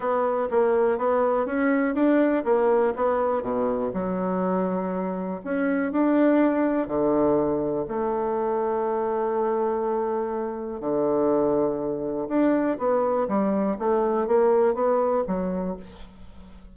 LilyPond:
\new Staff \with { instrumentName = "bassoon" } { \time 4/4 \tempo 4 = 122 b4 ais4 b4 cis'4 | d'4 ais4 b4 b,4 | fis2. cis'4 | d'2 d2 |
a1~ | a2 d2~ | d4 d'4 b4 g4 | a4 ais4 b4 fis4 | }